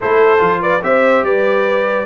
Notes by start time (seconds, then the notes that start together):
0.00 A3 E4 A4 C5
0.38 F3 F4
0.61 B4 D5
0.81 C4 G4 C5 E5
1.23 G3 B4 D5